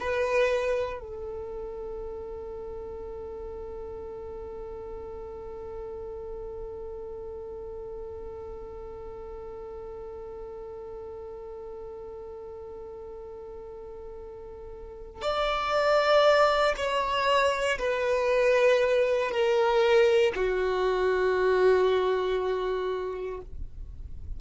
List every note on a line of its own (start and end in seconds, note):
0.00 1.00 B4
1.00 15.22 A4
15.22 16.75 D5
16.77 17.79 C#5
17.79 19.31 B4
19.31 20.33 A#4
20.36 23.41 F#4